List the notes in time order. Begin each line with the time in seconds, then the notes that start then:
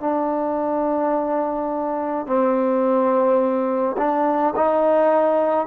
0.00 D4
2.26 C4
3.97 D4
4.55 D#4